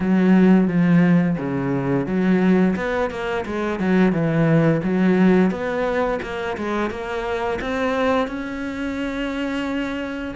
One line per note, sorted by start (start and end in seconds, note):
0.00 0.67 F#3
0.67 1.36 F3
1.38 2.06 C#3
2.06 2.75 F#3
2.76 3.10 B3
3.10 3.45 A#3
3.45 3.79 G#3
3.79 4.12 F#3
4.12 4.81 E3
4.83 5.50 F#3
5.50 6.19 B3
6.22 6.56 A#3
6.57 6.90 G#3
6.90 7.59 A#3
7.61 8.27 C4
8.27 10.34 C#4